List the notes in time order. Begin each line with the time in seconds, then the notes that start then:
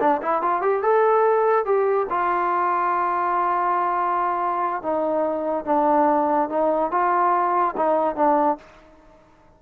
0.00 D4
0.22 E4
0.42 F4
0.61 G4
0.82 A4
1.65 G4
2.10 F4
4.82 D#4
5.65 D4
6.49 D#4
6.91 F4
7.77 D#4
8.15 D4